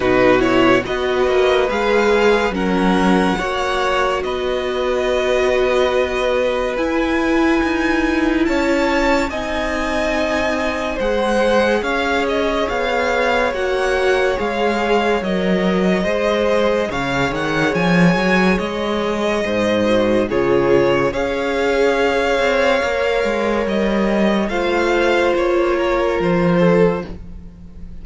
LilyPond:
<<
  \new Staff \with { instrumentName = "violin" } { \time 4/4 \tempo 4 = 71 b'8 cis''8 dis''4 f''4 fis''4~ | fis''4 dis''2. | gis''2 a''4 gis''4~ | gis''4 fis''4 f''8 dis''8 f''4 |
fis''4 f''4 dis''2 | f''8 fis''8 gis''4 dis''2 | cis''4 f''2. | dis''4 f''4 cis''4 c''4 | }
  \new Staff \with { instrumentName = "violin" } { \time 4/4 fis'4 b'2 ais'4 | cis''4 b'2.~ | b'2 cis''4 dis''4~ | dis''4 c''4 cis''2~ |
cis''2. c''4 | cis''2. c''4 | gis'4 cis''2.~ | cis''4 c''4. ais'4 a'8 | }
  \new Staff \with { instrumentName = "viola" } { \time 4/4 dis'8 e'8 fis'4 gis'4 cis'4 | fis'1 | e'2. dis'4~ | dis'4 gis'2. |
fis'4 gis'4 ais'4 gis'4~ | gis'2.~ gis'8 fis'8 | f'4 gis'2 ais'4~ | ais'4 f'2. | }
  \new Staff \with { instrumentName = "cello" } { \time 4/4 b,4 b8 ais8 gis4 fis4 | ais4 b2. | e'4 dis'4 cis'4 c'4~ | c'4 gis4 cis'4 b4 |
ais4 gis4 fis4 gis4 | cis8 dis8 f8 fis8 gis4 gis,4 | cis4 cis'4. c'8 ais8 gis8 | g4 a4 ais4 f4 | }
>>